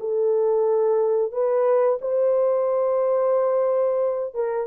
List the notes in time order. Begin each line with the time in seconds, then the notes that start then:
0.00 A4
1.32 B4
2.01 C5
4.34 A#4